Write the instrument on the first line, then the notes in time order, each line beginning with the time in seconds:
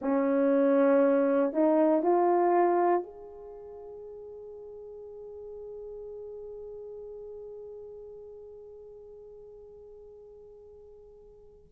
horn
0.01 C#4
1.53 D#4
2.02 F4
3.03 G#4